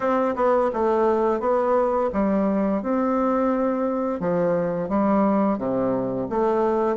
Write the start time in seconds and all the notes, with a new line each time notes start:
0.00 C4
0.35 B3
0.73 A3
1.40 B3
2.12 G3
2.82 C4
4.20 F3
4.88 G3
5.58 C3
6.29 A3